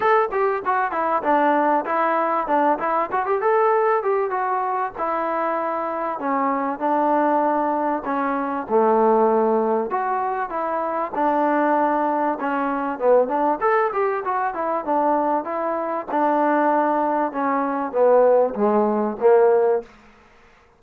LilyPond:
\new Staff \with { instrumentName = "trombone" } { \time 4/4 \tempo 4 = 97 a'8 g'8 fis'8 e'8 d'4 e'4 | d'8 e'8 fis'16 g'16 a'4 g'8 fis'4 | e'2 cis'4 d'4~ | d'4 cis'4 a2 |
fis'4 e'4 d'2 | cis'4 b8 d'8 a'8 g'8 fis'8 e'8 | d'4 e'4 d'2 | cis'4 b4 gis4 ais4 | }